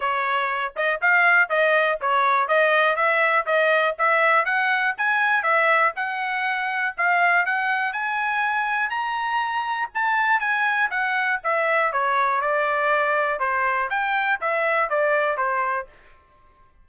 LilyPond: \new Staff \with { instrumentName = "trumpet" } { \time 4/4 \tempo 4 = 121 cis''4. dis''8 f''4 dis''4 | cis''4 dis''4 e''4 dis''4 | e''4 fis''4 gis''4 e''4 | fis''2 f''4 fis''4 |
gis''2 ais''2 | a''4 gis''4 fis''4 e''4 | cis''4 d''2 c''4 | g''4 e''4 d''4 c''4 | }